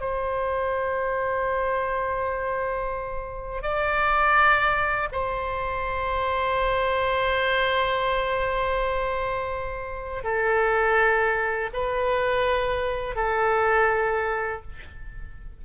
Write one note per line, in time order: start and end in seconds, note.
0.00 3.62 C5
3.62 5.08 D5
5.12 10.23 C5
10.23 11.70 A4
11.73 13.15 B4
13.15 14.62 A4